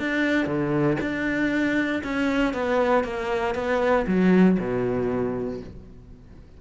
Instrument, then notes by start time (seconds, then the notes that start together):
cello
0.00 D4
0.47 D3
1.01 D4
2.04 C#4
2.54 B3
3.04 A#3
3.55 B3
4.07 F#3
4.59 B2